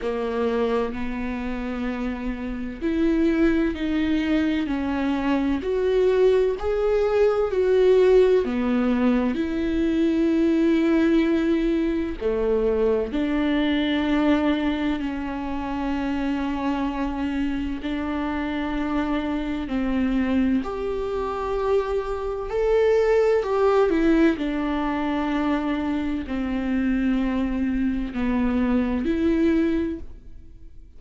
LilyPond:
\new Staff \with { instrumentName = "viola" } { \time 4/4 \tempo 4 = 64 ais4 b2 e'4 | dis'4 cis'4 fis'4 gis'4 | fis'4 b4 e'2~ | e'4 a4 d'2 |
cis'2. d'4~ | d'4 c'4 g'2 | a'4 g'8 e'8 d'2 | c'2 b4 e'4 | }